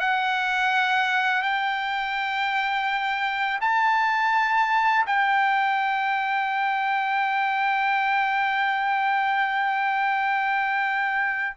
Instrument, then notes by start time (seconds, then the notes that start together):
trumpet
0.00 F#5
1.43 G5
3.61 A5
5.06 G5